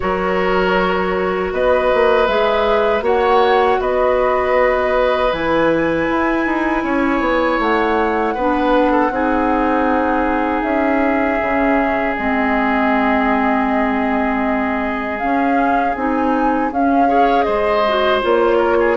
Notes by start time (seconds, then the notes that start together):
0.00 F#3 F#4 A#4 C#5
1.52 B3 B4 D#5
1.94 A#3
2.26 G#3 G#4 E5
3.01 A#3 F#4 C#5 F#5
3.80 B3 B4 D#5
5.32 E3 E4 G#5
6.10 E4
6.46 D#4
6.83 C#4 C#5
7.20 B3
7.58 A3 F#5
8.34 B3 D4 B4
8.91 A4
9.10 C4 D#4 G#4
10.62 C#4 E5
11.41 C#3 C#4
12.16 G#3 C4 D#5
15.19 C#4 F5
15.95 C4 D#4 G#5
16.71 C#4 F5
17.07 G#4 C#5
17.42 G#3 C5 D#5
17.87 F#4
18.21 A#3 F4 C#5
18.57 A#4
18.80 G#4